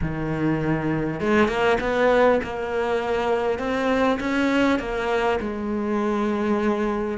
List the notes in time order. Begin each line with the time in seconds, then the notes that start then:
0.01 D#3
1.20 G#3
1.48 A#3
1.80 B3
2.43 A#3
3.58 C4
4.20 C#4
4.79 A#3
5.40 G#3